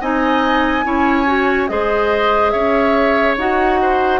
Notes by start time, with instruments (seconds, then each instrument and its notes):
0.00 bassoon C4, clarinet D#4, oboe D#5, flute G#5
0.83 bassoon C#4, clarinet E4, oboe C#5
1.26 clarinet F#4
1.68 bassoon G#3, clarinet G#4, oboe C5, flute D#5
2.50 bassoon C#4, oboe C#5, flute E5
3.37 bassoon D#4, clarinet F#4, flute F#5
3.82 oboe C5